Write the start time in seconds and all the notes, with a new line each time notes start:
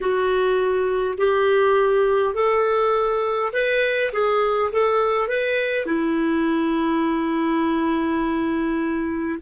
0.01 F#4
1.18 G4
2.34 A4
3.52 B4
4.12 G#4
4.72 A4
5.27 B4
5.86 E4